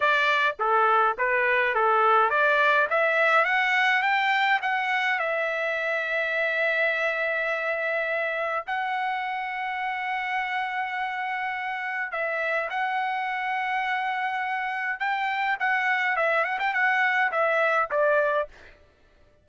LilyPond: \new Staff \with { instrumentName = "trumpet" } { \time 4/4 \tempo 4 = 104 d''4 a'4 b'4 a'4 | d''4 e''4 fis''4 g''4 | fis''4 e''2.~ | e''2. fis''4~ |
fis''1~ | fis''4 e''4 fis''2~ | fis''2 g''4 fis''4 | e''8 fis''16 g''16 fis''4 e''4 d''4 | }